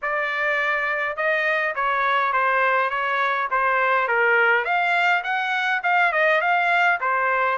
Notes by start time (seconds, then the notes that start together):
0.02 D5
1.16 D#5
1.75 C#5
2.32 C5
2.90 C#5
3.50 C5
4.08 A#4
4.64 F5
5.23 F#5
5.83 F5
6.12 D#5
6.41 F5
7.00 C5